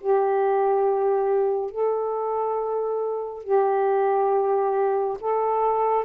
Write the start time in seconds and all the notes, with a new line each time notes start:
0.00 G4
1.71 A4
3.43 G4
5.20 A4